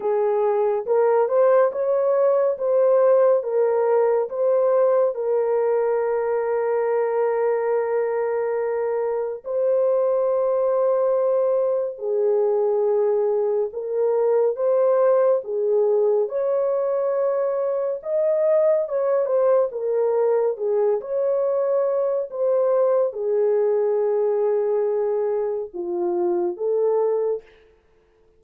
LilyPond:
\new Staff \with { instrumentName = "horn" } { \time 4/4 \tempo 4 = 70 gis'4 ais'8 c''8 cis''4 c''4 | ais'4 c''4 ais'2~ | ais'2. c''4~ | c''2 gis'2 |
ais'4 c''4 gis'4 cis''4~ | cis''4 dis''4 cis''8 c''8 ais'4 | gis'8 cis''4. c''4 gis'4~ | gis'2 f'4 a'4 | }